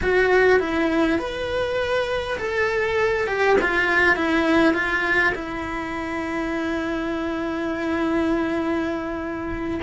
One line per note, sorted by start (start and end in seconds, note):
0.01 0.59 F#4
0.59 1.18 E4
1.18 2.37 B4
2.38 3.27 A4
3.27 3.56 G4
3.61 4.16 F4
4.16 4.73 E4
4.73 5.33 F4
5.35 9.80 E4